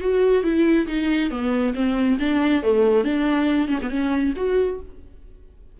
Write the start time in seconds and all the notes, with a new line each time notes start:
0.00 F#4
0.43 E4
0.87 D#4
1.30 B3
1.74 C4
2.19 D4
2.62 A3
3.04 D4
3.68 C#4
3.82 B3
3.90 C#4
4.36 F#4